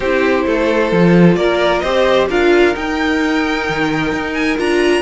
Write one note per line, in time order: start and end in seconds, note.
0.00 0.45 C4
0.00 0.94 E4
0.00 0.44 G4
0.00 1.35 C5
0.45 0.92 A3
0.45 1.37 A4
0.92 1.36 F3
0.92 1.84 F4
1.35 1.82 A#3
1.35 1.82 A#4
1.35 1.79 D5
1.79 2.29 C4
1.79 2.30 G4
1.79 2.28 C5
1.79 2.25 D#5
2.29 2.75 D4
2.29 2.73 F4
2.29 5.02 A#4
2.29 2.75 F5
2.73 4.56 D#4
2.73 3.68 D#4
2.73 4.33 G5
3.69 4.12 D#3
4.12 4.58 D#4
4.33 4.56 G#5
4.57 5.02 D4
4.57 5.02 F4
4.57 5.02 A#5